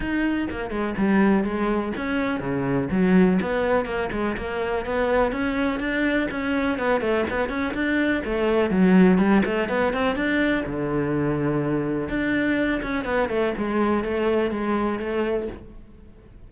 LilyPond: \new Staff \with { instrumentName = "cello" } { \time 4/4 \tempo 4 = 124 dis'4 ais8 gis8 g4 gis4 | cis'4 cis4 fis4 b4 | ais8 gis8 ais4 b4 cis'4 | d'4 cis'4 b8 a8 b8 cis'8 |
d'4 a4 fis4 g8 a8 | b8 c'8 d'4 d2~ | d4 d'4. cis'8 b8 a8 | gis4 a4 gis4 a4 | }